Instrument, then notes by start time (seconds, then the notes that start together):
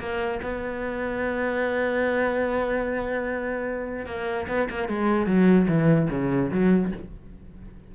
cello
0.00 A#3
0.43 B3
4.06 A#3
4.48 B3
4.70 A#3
4.89 G#3
5.27 F#3
5.68 E3
6.11 C#3
6.52 F#3